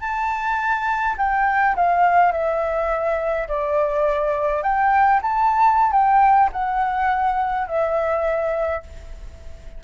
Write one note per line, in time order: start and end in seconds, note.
0.00 1.15 A5
1.17 1.75 G5
1.75 2.32 F5
2.32 3.47 E5
3.47 4.63 D5
4.63 5.20 G5
5.22 5.91 A5
5.91 6.49 G5
6.52 7.67 F#5
7.67 8.82 E5